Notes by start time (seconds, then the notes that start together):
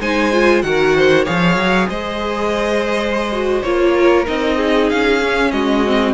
0.00 G#3 D#4 C5 G#5
0.32 F4
0.62 D#3 F#4 A#4 F#5
0.96 C5
1.25 F3 G#4 C#5 F5
1.55 F#3
1.88 G#3 C5 D#5
3.32 F#4
3.62 A#3 F4 C#5
3.96 A#4
4.25 C4 D#4 D#5
4.57 G#4
4.89 C#4 F5
5.23 C#4
5.51 G#3 F#4 D#5
5.86 C4